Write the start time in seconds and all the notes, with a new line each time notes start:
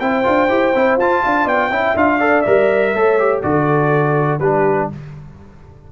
0.00 C4 E4 C5 G5
0.24 D4 F4
0.49 E4 G4
0.75 C4 E4
0.97 F4 A5
1.23 D4 F5
1.45 B3 D5 G5
1.70 C#4 E4 E5
1.96 D4 F4 F5
2.18 A4 D5
2.41 G3 A#4 E5
2.94 A3 A4 C#5
3.19 G4
3.42 D3 F#4 A4 D5
4.40 G3 D4 G4 B4